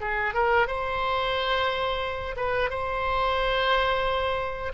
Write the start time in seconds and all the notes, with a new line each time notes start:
0.00 G#4
0.34 A#4
0.67 C5
2.36 B4
2.70 C5